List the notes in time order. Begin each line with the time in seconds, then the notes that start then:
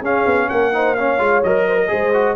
0.00 C#4 G#4 F5
0.26 B3
0.49 A#3 A#4 F#5
0.73 D#4 C5
0.95 C#4 C#5 F5
1.19 G#3 F4
1.43 F#3 A#4 D#5
1.67 C5
1.76 A#4
1.88 G#3 G#4 C5
2.14 F#4